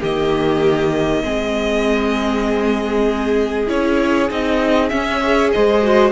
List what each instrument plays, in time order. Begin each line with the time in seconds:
0.00 cello D#3, viola A#3, violin G4 D#5
1.23 cello G#3, viola C4, violin G#4
3.67 cello C#4, viola E4, violin C#5
4.30 cello C4, viola D#4, violin D#5
4.89 viola C#4, cello C#4, violin E5
5.21 viola G#4, violin C#5
5.52 cello G#3, violin C5 D#5
5.82 viola F#4